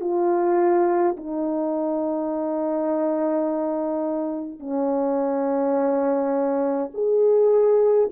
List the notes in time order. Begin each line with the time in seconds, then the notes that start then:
0.00 F4
1.16 D#4
4.59 C#4
6.93 G#4